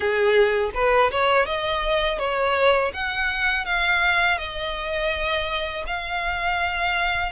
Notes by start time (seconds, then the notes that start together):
0.00 G#4
0.74 B4
1.11 C#5
1.46 D#5
2.18 C#5
2.93 F#5
3.65 F5
4.38 D#5
5.87 F5